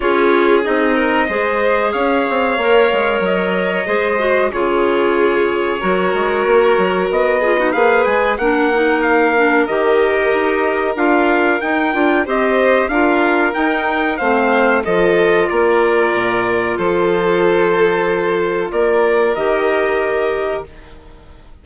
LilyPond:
<<
  \new Staff \with { instrumentName = "trumpet" } { \time 4/4 \tempo 4 = 93 cis''4 dis''2 f''4~ | f''4 dis''2 cis''4~ | cis''2. dis''4 | f''8 gis''8 fis''4 f''4 dis''4~ |
dis''4 f''4 g''4 dis''4 | f''4 g''4 f''4 dis''4 | d''2 c''2~ | c''4 d''4 dis''2 | }
  \new Staff \with { instrumentName = "violin" } { \time 4/4 gis'4. ais'8 c''4 cis''4~ | cis''2 c''4 gis'4~ | gis'4 ais'2~ ais'8 gis'16 fis'16 | b'4 ais'2.~ |
ais'2. c''4 | ais'2 c''4 a'4 | ais'2 a'2~ | a'4 ais'2. | }
  \new Staff \with { instrumentName = "clarinet" } { \time 4/4 f'4 dis'4 gis'2 | ais'2 gis'8 fis'8 f'4~ | f'4 fis'2~ fis'8 f'16 dis'16 | gis'4 d'8 dis'4 d'8 g'4~ |
g'4 f'4 dis'8 f'8 g'4 | f'4 dis'4 c'4 f'4~ | f'1~ | f'2 g'2 | }
  \new Staff \with { instrumentName = "bassoon" } { \time 4/4 cis'4 c'4 gis4 cis'8 c'8 | ais8 gis8 fis4 gis4 cis4~ | cis4 fis8 gis8 ais8 fis8 b4 | ais8 gis8 ais2 dis4 |
dis'4 d'4 dis'8 d'8 c'4 | d'4 dis'4 a4 f4 | ais4 ais,4 f2~ | f4 ais4 dis2 | }
>>